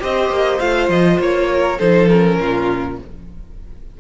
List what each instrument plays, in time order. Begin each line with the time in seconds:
0.00 cello C4, viola G4, violin C5 D#5
0.30 cello A#3
0.59 cello A3, viola F4, violin F5
0.89 cello F3, violin D#5
1.19 cello A#3, violin C#5
1.54 violin A#4
1.79 cello F3, viola D#4, violin A4 C5
2.08 viola C#4, violin A#4
2.39 cello A#2, violin F4